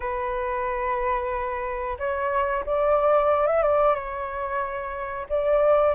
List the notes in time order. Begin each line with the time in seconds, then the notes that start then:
0.00 B4
1.98 C#5
2.65 D5
3.46 E5
3.62 D5
3.94 C#5
5.29 D5